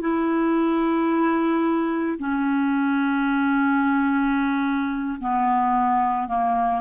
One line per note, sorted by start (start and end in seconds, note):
0.00 2.18 E4
2.19 5.19 C#4
5.19 6.27 B3
6.27 6.81 A#3